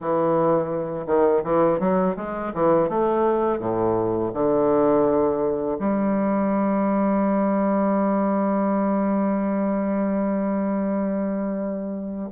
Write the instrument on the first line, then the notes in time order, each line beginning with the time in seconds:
bassoon
0.00 E3
1.06 D#3
1.44 E3
1.79 F#3
2.16 G#3
2.53 E3
2.89 A3
3.59 A2
4.33 D3
5.79 G3